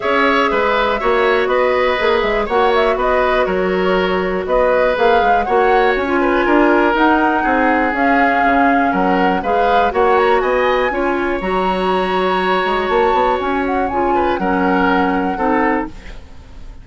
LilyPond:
<<
  \new Staff \with { instrumentName = "flute" } { \time 4/4 \tempo 4 = 121 e''2. dis''4~ | dis''8 e''8 fis''8 e''8 dis''4 cis''4~ | cis''4 dis''4 f''4 fis''4 | gis''2 fis''2 |
f''2 fis''4 f''4 | fis''8 ais''8 gis''2 ais''4~ | ais''2 a''4 gis''8 fis''8 | gis''4 fis''2. | }
  \new Staff \with { instrumentName = "oboe" } { \time 4/4 cis''4 b'4 cis''4 b'4~ | b'4 cis''4 b'4 ais'4~ | ais'4 b'2 cis''4~ | cis''8 b'8 ais'2 gis'4~ |
gis'2 ais'4 b'4 | cis''4 dis''4 cis''2~ | cis''1~ | cis''8 b'8 ais'2 a'4 | }
  \new Staff \with { instrumentName = "clarinet" } { \time 4/4 gis'2 fis'2 | gis'4 fis'2.~ | fis'2 gis'4 fis'4~ | fis'16 f'4.~ f'16 dis'2 |
cis'2. gis'4 | fis'2 f'4 fis'4~ | fis'1 | f'4 cis'2 dis'4 | }
  \new Staff \with { instrumentName = "bassoon" } { \time 4/4 cis'4 gis4 ais4 b4 | ais8 gis8 ais4 b4 fis4~ | fis4 b4 ais8 gis8 ais4 | cis'4 d'4 dis'4 c'4 |
cis'4 cis4 fis4 gis4 | ais4 b4 cis'4 fis4~ | fis4. gis8 ais8 b8 cis'4 | cis4 fis2 c'4 | }
>>